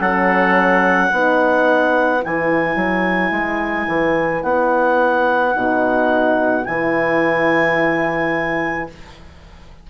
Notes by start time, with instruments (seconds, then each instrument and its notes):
0.00 bassoon F#3, horn C#4, trumpet A4, clarinet F#5
1.08 bassoon B3, horn D#4, trumpet B4
2.22 bassoon E3, horn E4, clarinet G#5
2.76 bassoon F#3
3.31 bassoon G#3
3.88 bassoon E3
4.43 bassoon B3, clarinet F#5
5.53 bassoon B2, horn D#4
6.66 bassoon E3, horn E4, clarinet G#5